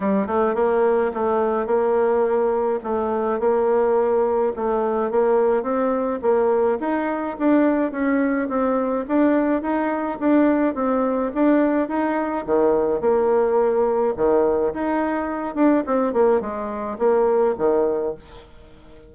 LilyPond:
\new Staff \with { instrumentName = "bassoon" } { \time 4/4 \tempo 4 = 106 g8 a8 ais4 a4 ais4~ | ais4 a4 ais2 | a4 ais4 c'4 ais4 | dis'4 d'4 cis'4 c'4 |
d'4 dis'4 d'4 c'4 | d'4 dis'4 dis4 ais4~ | ais4 dis4 dis'4. d'8 | c'8 ais8 gis4 ais4 dis4 | }